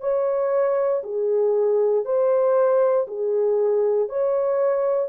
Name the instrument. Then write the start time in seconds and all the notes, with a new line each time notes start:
horn
0.00 C#5
1.04 G#4
2.05 C5
3.07 G#4
4.09 C#5